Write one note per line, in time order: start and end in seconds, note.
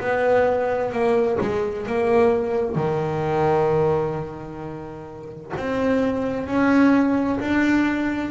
0.00 0.92 B3
0.92 1.38 A#3
1.41 1.87 G#3
1.87 2.75 A#3
2.75 5.52 D#3
5.57 6.47 C4
6.47 7.39 C#4
7.40 8.30 D4